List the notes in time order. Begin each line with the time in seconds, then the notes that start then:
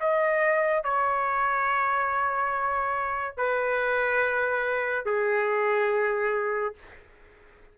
0.00 D#5
0.83 C#5
3.37 B4
5.05 G#4